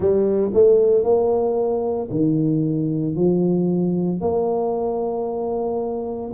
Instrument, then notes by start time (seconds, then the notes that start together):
tuba
0.00 G3
0.53 A3
1.03 A#3
2.11 D#3
3.15 F3
4.21 A#3